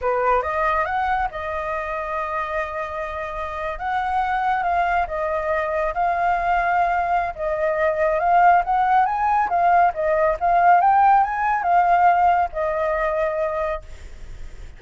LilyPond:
\new Staff \with { instrumentName = "flute" } { \time 4/4 \tempo 4 = 139 b'4 dis''4 fis''4 dis''4~ | dis''1~ | dis''8. fis''2 f''4 dis''16~ | dis''4.~ dis''16 f''2~ f''16~ |
f''4 dis''2 f''4 | fis''4 gis''4 f''4 dis''4 | f''4 g''4 gis''4 f''4~ | f''4 dis''2. | }